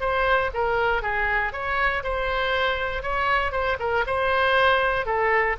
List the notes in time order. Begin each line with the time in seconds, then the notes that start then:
0.00 C5
0.54 A#4
1.02 G#4
1.52 C#5
2.04 C5
3.02 C#5
3.52 C5
3.79 A#4
4.06 C5
5.06 A4